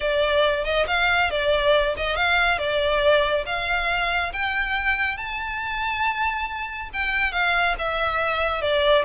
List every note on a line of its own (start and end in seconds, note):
0.00 0.64 D5
0.64 0.86 D#5
0.87 1.30 F5
1.30 1.95 D5
1.96 2.16 D#5
2.16 2.58 F5
2.58 3.44 D5
3.46 4.32 F5
4.32 5.17 G5
5.17 6.89 A5
6.93 7.31 G5
7.31 7.75 F5
7.78 8.61 E5
8.61 9.05 D5